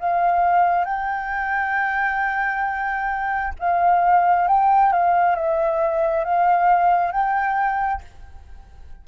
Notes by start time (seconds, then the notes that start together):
0.00 F5
0.85 G5
3.59 F5
4.48 G5
4.93 F5
5.36 E5
6.25 F5
7.12 G5